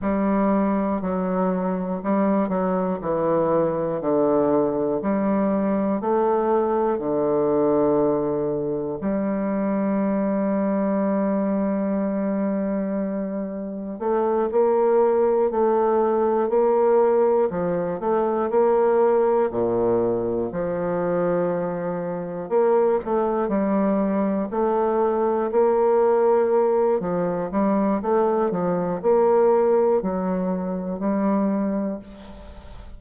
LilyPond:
\new Staff \with { instrumentName = "bassoon" } { \time 4/4 \tempo 4 = 60 g4 fis4 g8 fis8 e4 | d4 g4 a4 d4~ | d4 g2.~ | g2 a8 ais4 a8~ |
a8 ais4 f8 a8 ais4 ais,8~ | ais,8 f2 ais8 a8 g8~ | g8 a4 ais4. f8 g8 | a8 f8 ais4 fis4 g4 | }